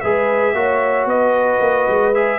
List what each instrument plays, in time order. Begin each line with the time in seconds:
0.00 tuba G#3, trombone G#4, horn B4, trumpet E5
0.54 tuba A#3, trombone F#4, horn C#5
1.05 tuba B3, horn B4, trumpet D#5
1.60 tuba A#3
1.87 tuba G#3
2.14 trombone G#4, trumpet E5